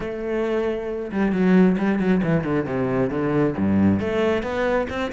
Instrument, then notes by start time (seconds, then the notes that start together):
cello
0.00 A3
1.11 G3
1.32 F#3
1.77 G3
1.99 F#3
2.23 E3
2.43 D3
2.65 C3
3.10 D3
3.57 G2
4.00 A3
4.42 B3
4.89 C4